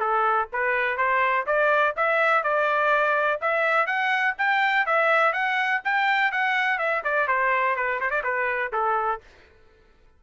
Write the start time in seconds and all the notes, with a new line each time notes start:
0.00 A4
0.53 B4
0.97 C5
1.47 D5
1.97 E5
2.43 D5
3.42 E5
3.86 F#5
4.38 G5
4.87 E5
5.33 F#5
5.85 G5
6.32 F#5
6.79 E5
7.04 D5
7.28 C5
7.76 B4
8.01 C5
8.11 D5
8.24 B4
8.73 A4